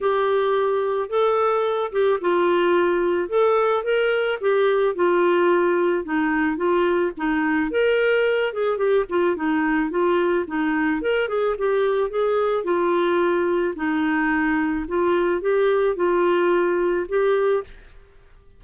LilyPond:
\new Staff \with { instrumentName = "clarinet" } { \time 4/4 \tempo 4 = 109 g'2 a'4. g'8 | f'2 a'4 ais'4 | g'4 f'2 dis'4 | f'4 dis'4 ais'4. gis'8 |
g'8 f'8 dis'4 f'4 dis'4 | ais'8 gis'8 g'4 gis'4 f'4~ | f'4 dis'2 f'4 | g'4 f'2 g'4 | }